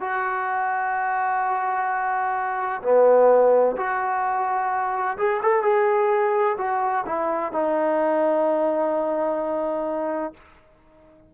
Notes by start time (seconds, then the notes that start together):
0.00 F#4
2.82 B3
3.76 F#4
5.17 G#4
5.42 A4
5.62 G#4
6.58 F#4
7.06 E4
7.52 D#4